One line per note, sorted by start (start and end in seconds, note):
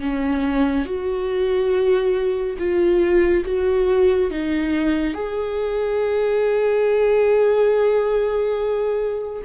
0.00 0.85 C#4
0.85 2.57 F#4
2.59 3.44 F4
3.45 4.31 F#4
4.31 5.14 D#4
5.14 9.42 G#4